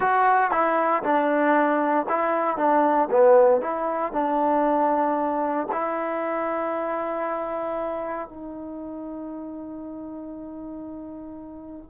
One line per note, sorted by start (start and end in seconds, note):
0.00 0.51 F#4
0.51 1.03 E4
1.03 2.06 D4
2.09 2.57 E4
2.57 3.08 D4
3.11 3.61 B3
3.61 4.12 E4
4.12 5.67 D4
5.72 8.28 E4
8.28 11.90 D#4